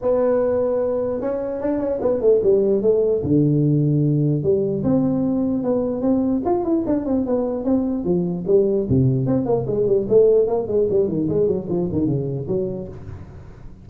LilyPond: \new Staff \with { instrumentName = "tuba" } { \time 4/4 \tempo 4 = 149 b2. cis'4 | d'8 cis'8 b8 a8 g4 a4 | d2. g4 | c'2 b4 c'4 |
f'8 e'8 d'8 c'8 b4 c'4 | f4 g4 c4 c'8 ais8 | gis8 g8 a4 ais8 gis8 g8 dis8 | gis8 fis8 f8 dis8 cis4 fis4 | }